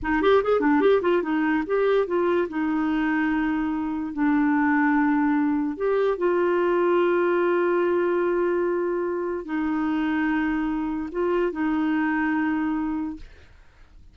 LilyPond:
\new Staff \with { instrumentName = "clarinet" } { \time 4/4 \tempo 4 = 146 dis'8 g'8 gis'8 d'8 g'8 f'8 dis'4 | g'4 f'4 dis'2~ | dis'2 d'2~ | d'2 g'4 f'4~ |
f'1~ | f'2. dis'4~ | dis'2. f'4 | dis'1 | }